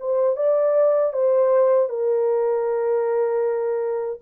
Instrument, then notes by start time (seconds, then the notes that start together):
horn
0.00 C5
0.37 D5
1.13 C5
1.89 A#4